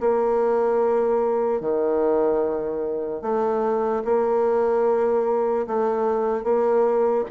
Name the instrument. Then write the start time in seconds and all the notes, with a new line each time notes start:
bassoon
0.00 A#3
1.60 D#3
3.22 A3
4.04 A#3
5.66 A3
6.43 A#3